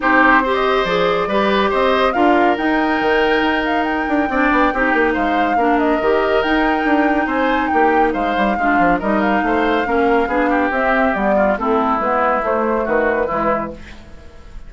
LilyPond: <<
  \new Staff \with { instrumentName = "flute" } { \time 4/4 \tempo 4 = 140 c''4~ c''16 dis''8. d''2 | dis''4 f''4 g''2~ | g''8 f''8 g''2. | f''4. dis''4. g''4~ |
g''4 gis''4 g''4 f''4~ | f''4 dis''8 f''2~ f''8~ | f''4 e''4 d''4 a'4 | b'4 c''4 b'2 | }
  \new Staff \with { instrumentName = "oboe" } { \time 4/4 g'4 c''2 b'4 | c''4 ais'2.~ | ais'2 d''4 g'4 | c''4 ais'2.~ |
ais'4 c''4 g'4 c''4 | f'4 ais'4 c''4 ais'4 | gis'8 g'2 f'8 e'4~ | e'2 fis'4 e'4 | }
  \new Staff \with { instrumentName = "clarinet" } { \time 4/4 dis'4 g'4 gis'4 g'4~ | g'4 f'4 dis'2~ | dis'2 d'4 dis'4~ | dis'4 d'4 g'4 dis'4~ |
dis'1 | d'4 dis'2 cis'4 | d'4 c'4 b4 c'4 | b4 a2 gis4 | }
  \new Staff \with { instrumentName = "bassoon" } { \time 4/4 c'2 f4 g4 | c'4 d'4 dis'4 dis4 | dis'4. d'8 c'8 b8 c'8 ais8 | gis4 ais4 dis4 dis'4 |
d'4 c'4 ais4 gis8 g8 | gis8 f8 g4 a4 ais4 | b4 c'4 g4 a4 | gis4 a4 dis4 e4 | }
>>